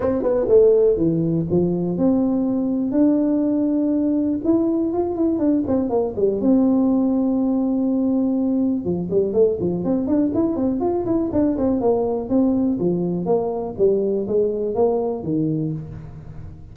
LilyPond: \new Staff \with { instrumentName = "tuba" } { \time 4/4 \tempo 4 = 122 c'8 b8 a4 e4 f4 | c'2 d'2~ | d'4 e'4 f'8 e'8 d'8 c'8 | ais8 g8 c'2.~ |
c'2 f8 g8 a8 f8 | c'8 d'8 e'8 c'8 f'8 e'8 d'8 c'8 | ais4 c'4 f4 ais4 | g4 gis4 ais4 dis4 | }